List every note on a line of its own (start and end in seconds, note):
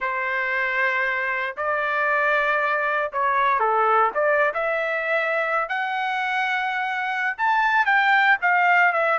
0.00 1.56 C5
1.57 3.12 D5
3.12 3.59 C#5
3.59 4.11 A4
4.14 4.53 D5
4.54 5.68 E5
5.68 7.37 F#5
7.37 7.85 A5
7.85 8.37 G5
8.41 8.92 F5
8.92 9.18 E5